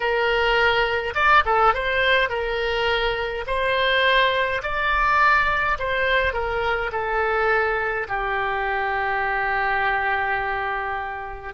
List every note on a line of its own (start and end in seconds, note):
0.00 1.14 A#4
1.14 1.43 D5
1.45 1.74 A4
1.74 2.29 C5
2.29 3.44 A#4
3.46 4.62 C5
4.62 5.77 D5
5.78 6.33 C5
6.33 6.90 A#4
6.92 8.07 A4
8.08 11.54 G4